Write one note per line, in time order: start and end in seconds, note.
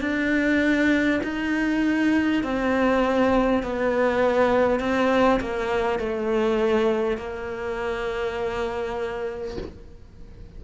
0.00 1.20 D4
1.23 2.43 D#4
2.43 3.63 C4
3.63 4.79 B3
4.79 5.39 C4
5.40 5.99 A#3
5.99 7.17 A3
7.17 9.57 A#3